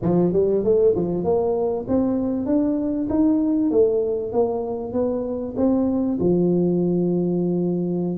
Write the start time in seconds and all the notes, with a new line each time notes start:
0.01 F3
0.33 G3
0.64 A3
0.95 F3
1.24 A#3
1.88 C4
2.46 D4
3.09 D#4
3.71 A3
4.32 A#3
4.92 B3
5.56 C4
6.19 F3